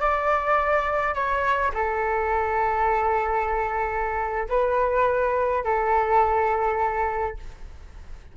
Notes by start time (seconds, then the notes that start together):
0.00 D5
1.15 C#5
1.74 A4
4.49 B4
5.64 A4